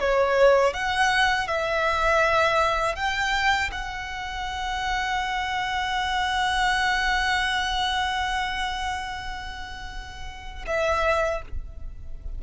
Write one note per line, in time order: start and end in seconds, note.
0.00 0.74 C#5
0.74 1.48 F#5
1.48 2.96 E5
2.96 3.71 G5
3.72 10.66 F#5
10.67 11.42 E5